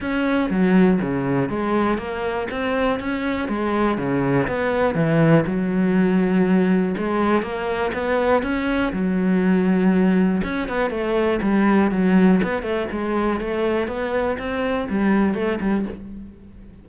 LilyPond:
\new Staff \with { instrumentName = "cello" } { \time 4/4 \tempo 4 = 121 cis'4 fis4 cis4 gis4 | ais4 c'4 cis'4 gis4 | cis4 b4 e4 fis4~ | fis2 gis4 ais4 |
b4 cis'4 fis2~ | fis4 cis'8 b8 a4 g4 | fis4 b8 a8 gis4 a4 | b4 c'4 g4 a8 g8 | }